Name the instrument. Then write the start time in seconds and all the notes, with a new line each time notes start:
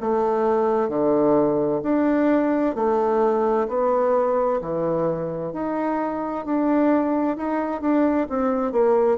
bassoon
0.00 A3
0.89 D3
1.83 D4
2.75 A3
3.68 B3
4.61 E3
5.53 D#4
6.45 D4
7.36 D#4
7.81 D4
8.29 C4
8.72 A#3